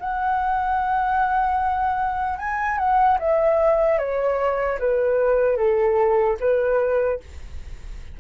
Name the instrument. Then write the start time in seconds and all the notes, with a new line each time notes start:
flute
0.00 F#5
2.39 G#5
2.78 F#5
3.19 E5
3.99 C#5
4.79 B4
5.57 A4
6.40 B4